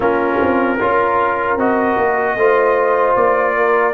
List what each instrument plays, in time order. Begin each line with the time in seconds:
0.00 tuba A#3, trombone C#4, horn F4, trumpet A#4
0.40 tuba C4
0.79 tuba C#4, trombone F4, horn A#4
1.56 tuba C4, trombone F#4, trumpet D#5
1.97 tuba A#3
2.35 tuba A3, trombone F4, horn C5
3.15 tuba A#3, trumpet D5
3.56 horn A#4